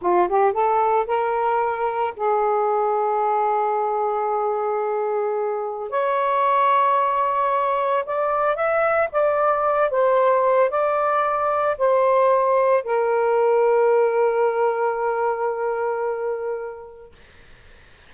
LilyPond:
\new Staff \with { instrumentName = "saxophone" } { \time 4/4 \tempo 4 = 112 f'8 g'8 a'4 ais'2 | gis'1~ | gis'2. cis''4~ | cis''2. d''4 |
e''4 d''4. c''4. | d''2 c''2 | ais'1~ | ais'1 | }